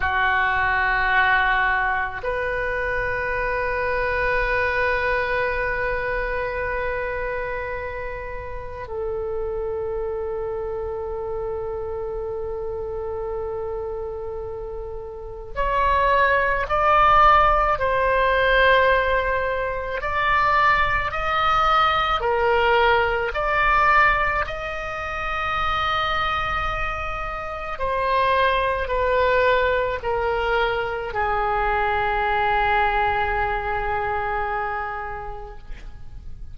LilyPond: \new Staff \with { instrumentName = "oboe" } { \time 4/4 \tempo 4 = 54 fis'2 b'2~ | b'1 | a'1~ | a'2 cis''4 d''4 |
c''2 d''4 dis''4 | ais'4 d''4 dis''2~ | dis''4 c''4 b'4 ais'4 | gis'1 | }